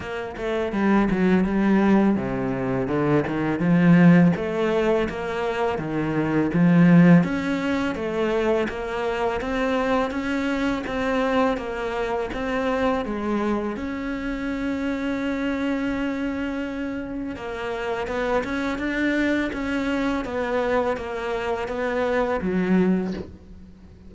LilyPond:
\new Staff \with { instrumentName = "cello" } { \time 4/4 \tempo 4 = 83 ais8 a8 g8 fis8 g4 c4 | d8 dis8 f4 a4 ais4 | dis4 f4 cis'4 a4 | ais4 c'4 cis'4 c'4 |
ais4 c'4 gis4 cis'4~ | cis'1 | ais4 b8 cis'8 d'4 cis'4 | b4 ais4 b4 fis4 | }